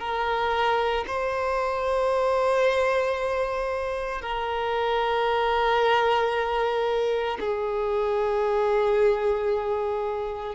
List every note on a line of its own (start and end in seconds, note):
0.00 1.05 A#4
1.07 4.22 C5
4.22 7.38 A#4
7.40 10.56 G#4